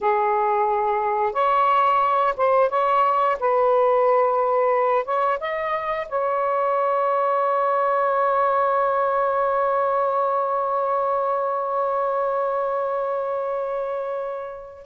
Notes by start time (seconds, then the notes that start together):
0.01 G#4
1.32 C#5
2.36 C5
2.69 C#5
3.39 B4
5.04 C#5
5.39 D#5
6.08 C#5